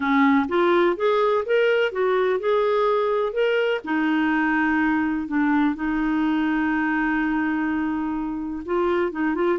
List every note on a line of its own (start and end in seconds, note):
0.00 0.46 C#4
0.48 0.96 F4
0.96 1.44 G#4
1.45 1.91 A#4
1.91 2.39 F#4
2.39 3.32 G#4
3.32 3.80 A#4
3.84 5.27 D#4
5.27 5.75 D4
5.75 8.63 D#4
8.65 9.11 F4
9.11 9.34 D#4
9.34 9.58 F4